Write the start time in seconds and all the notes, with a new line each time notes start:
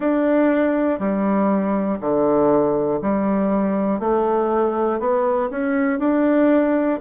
0.00 D4
0.99 G3
2.00 D3
3.01 G3
3.99 A3
5.00 B3
5.50 C#4
5.99 D4